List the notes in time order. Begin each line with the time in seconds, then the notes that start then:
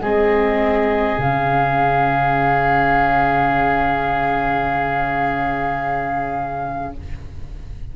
0.00 G#3 C4 G#4 D#5
1.18 C#3 C#4 F5